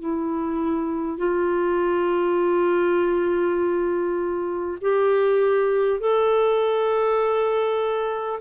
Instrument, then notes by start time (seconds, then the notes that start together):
clarinet
0.00 E4
1.18 F4
4.82 G4
6.00 A4